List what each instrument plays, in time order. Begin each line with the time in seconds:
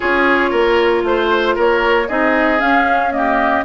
0.00 bassoon C#4, clarinet F4, oboe G#4, flute C#5
0.50 bassoon A#3, oboe A#4
1.03 bassoon A3, flute C5, oboe C5
1.55 bassoon A#3, oboe A#4, flute C#5
2.08 bassoon C4, clarinet D#4, oboe G#4, flute D#5
2.58 clarinet C#4, bassoon C#4, flute F5
3.11 clarinet A#3, oboe G4, flute D#5